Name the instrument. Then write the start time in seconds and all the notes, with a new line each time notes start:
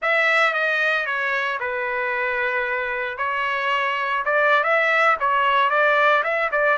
trumpet
0.01 E5
0.53 D#5
1.05 C#5
1.59 B4
3.17 C#5
4.25 D5
4.63 E5
5.20 C#5
5.70 D5
6.23 E5
6.51 D5